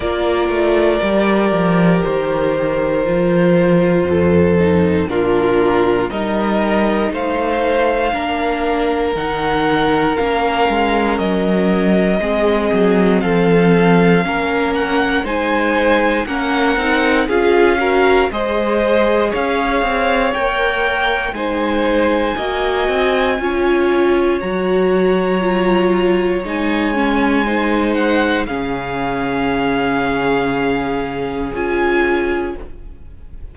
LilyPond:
<<
  \new Staff \with { instrumentName = "violin" } { \time 4/4 \tempo 4 = 59 d''2 c''2~ | c''4 ais'4 dis''4 f''4~ | f''4 fis''4 f''4 dis''4~ | dis''4 f''4. fis''8 gis''4 |
fis''4 f''4 dis''4 f''4 | g''4 gis''2. | ais''2 gis''4. fis''8 | f''2. gis''4 | }
  \new Staff \with { instrumentName = "violin" } { \time 4/4 ais'1 | a'4 f'4 ais'4 c''4 | ais'1 | gis'4 a'4 ais'4 c''4 |
ais'4 gis'8 ais'8 c''4 cis''4~ | cis''4 c''4 dis''4 cis''4~ | cis''2. c''4 | gis'1 | }
  \new Staff \with { instrumentName = "viola" } { \time 4/4 f'4 g'2 f'4~ | f'8 dis'8 d'4 dis'2 | d'4 dis'4 cis'2 | c'2 cis'4 dis'4 |
cis'8 dis'8 f'8 fis'8 gis'2 | ais'4 dis'4 fis'4 f'4 | fis'4 f'4 dis'8 cis'8 dis'4 | cis'2. f'4 | }
  \new Staff \with { instrumentName = "cello" } { \time 4/4 ais8 a8 g8 f8 dis4 f4 | f,4 ais,4 g4 a4 | ais4 dis4 ais8 gis8 fis4 | gis8 fis8 f4 ais4 gis4 |
ais8 c'8 cis'4 gis4 cis'8 c'8 | ais4 gis4 ais8 c'8 cis'4 | fis2 gis2 | cis2. cis'4 | }
>>